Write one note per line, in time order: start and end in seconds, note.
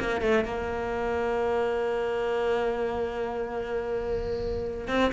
0.00 0.22 A#3
0.22 0.45 A3
0.45 4.88 A#3
4.88 5.11 C4